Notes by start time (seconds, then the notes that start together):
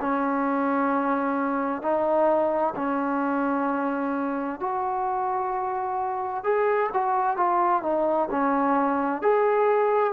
0.00 C#4
1.82 D#4
2.75 C#4
4.60 F#4
6.44 G#4
6.93 F#4
7.36 F4
7.83 D#4
8.31 C#4
9.22 G#4